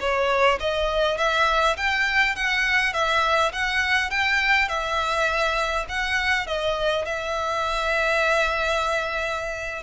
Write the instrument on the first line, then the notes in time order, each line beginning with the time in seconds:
violin
0.00 C#5
0.60 D#5
1.18 E5
1.77 G5
2.36 F#5
2.94 E5
3.53 F#5
4.11 G5
4.69 E5
5.89 F#5
6.47 D#5
7.05 E5